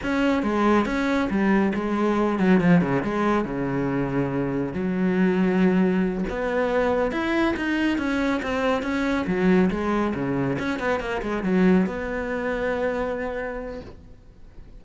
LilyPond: \new Staff \with { instrumentName = "cello" } { \time 4/4 \tempo 4 = 139 cis'4 gis4 cis'4 g4 | gis4. fis8 f8 cis8 gis4 | cis2. fis4~ | fis2~ fis8 b4.~ |
b8 e'4 dis'4 cis'4 c'8~ | c'8 cis'4 fis4 gis4 cis8~ | cis8 cis'8 b8 ais8 gis8 fis4 b8~ | b1 | }